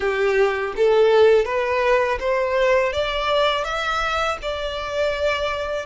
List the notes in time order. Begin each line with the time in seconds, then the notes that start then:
0.00 G4
0.76 A4
1.45 B4
2.19 C5
2.92 D5
3.64 E5
4.42 D5